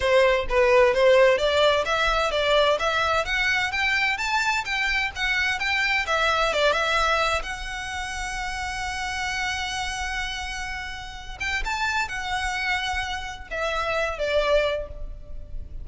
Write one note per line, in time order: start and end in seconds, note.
0.00 0.46 C5
0.49 0.93 B4
0.93 1.38 C5
1.38 1.84 D5
1.85 2.31 E5
2.31 2.77 D5
2.79 3.25 E5
3.25 3.71 F#5
3.71 4.17 G5
4.17 4.64 A5
4.64 5.11 G5
5.15 5.59 F#5
5.59 6.05 G5
6.06 6.53 E5
6.53 6.72 D5
6.72 7.42 E5
7.42 11.38 F#5
11.40 11.63 G5
11.64 12.08 A5
12.08 13.48 F#5
13.50 14.18 E5
14.18 14.88 D5